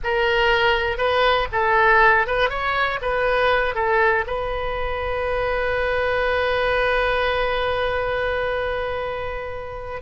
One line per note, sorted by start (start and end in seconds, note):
0.03 0.97 A#4
0.97 1.47 B4
1.51 2.26 A4
2.26 2.49 B4
2.49 2.99 C#5
3.01 3.75 B4
3.75 4.25 A4
4.27 10.01 B4